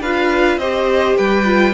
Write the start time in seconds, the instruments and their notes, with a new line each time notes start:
0.00 cello D4, viola F4, violin B4 F5
0.58 cello C4, viola G4, violin C5 D#5
1.18 cello G3, violin B4 G5
1.46 viola F4